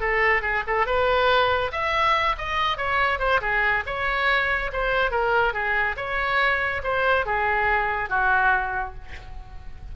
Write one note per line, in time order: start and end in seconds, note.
0.00 0.41 A4
0.41 0.63 G#4
0.67 0.86 A4
0.86 1.71 B4
1.71 2.35 E5
2.37 2.77 D#5
2.77 3.19 C#5
3.19 3.40 C5
3.41 3.83 G#4
3.86 4.71 C#5
4.72 5.11 C5
5.11 5.53 A#4
5.53 5.96 G#4
5.97 6.82 C#5
6.83 7.26 C5
7.26 8.09 G#4
8.09 8.94 F#4